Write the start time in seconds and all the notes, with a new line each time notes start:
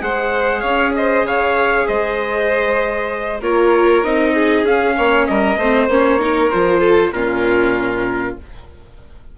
0.00 G#3 G#4 C5 F#5
0.61 C#4 C#5 F5
0.96 C5 D#5
1.23 C#3 C#5 F5
1.87 G#3 C5 D#5
3.41 A#3 F4 A#4 C#5
4.04 C4 D#4 D#5
4.34 G#4
4.65 C#4 F5
4.97 A#3 C#5
5.27 G3 A#4 D#5
5.57 A3 C4 C5
5.89 A#3 C#4 C#5
6.19 D#4 A#4
6.51 F3 F4 C5
6.80 A4
7.13 A#2 C#4 F4 A#4